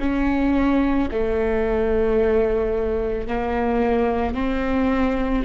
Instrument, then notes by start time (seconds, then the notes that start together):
viola
0.00 C#4
1.12 A3
3.28 A#3
4.34 C4